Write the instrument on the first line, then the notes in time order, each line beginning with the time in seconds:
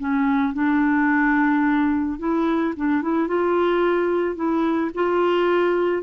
clarinet
0.00 C#4
0.54 D4
2.19 E4
2.77 D4
3.03 E4
3.28 F4
4.36 E4
4.95 F4